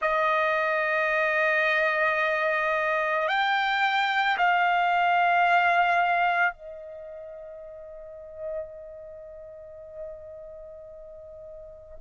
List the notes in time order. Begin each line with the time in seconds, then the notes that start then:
0.01 D#5
3.28 G5
4.37 F5
6.52 D#5